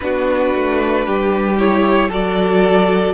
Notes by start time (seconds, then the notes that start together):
0.00 B3 D4 F#4 B4
0.54 A3
1.06 G3 G4
1.58 E4 C#5
2.08 F#3 F#4 A4 D5